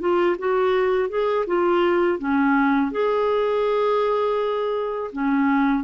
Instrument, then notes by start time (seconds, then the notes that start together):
clarinet
0.00 F4
0.39 F#4
1.09 G#4
1.47 F4
2.19 C#4
2.92 G#4
5.12 C#4